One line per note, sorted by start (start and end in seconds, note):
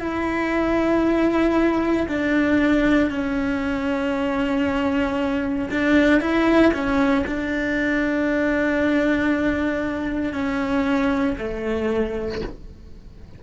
0.00 2.07 E4
2.08 3.10 D4
3.10 5.69 C#4
5.71 6.21 D4
6.21 6.72 E4
6.73 7.25 C#4
7.26 10.33 D4
10.33 11.37 C#4
11.38 12.41 A3